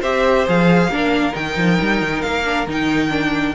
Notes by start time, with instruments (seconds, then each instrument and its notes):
0.00 cello C4, viola G4, violin C5 E5
0.47 cello F3, viola G#4, violin F5
0.88 cello A#3, viola D4, violin A#4
1.32 cello D#3, viola D#4, violin G5
1.56 cello F3
1.81 cello G3
2.01 cello D#3
2.21 cello A#3, violin F5
2.44 viola D4
2.66 cello D#3, viola D#4, violin G5
3.09 viola D4